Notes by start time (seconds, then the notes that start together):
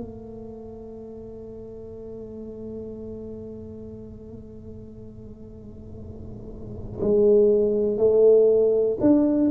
0.00 A3
7.00 G#3
7.97 A3
9.00 D4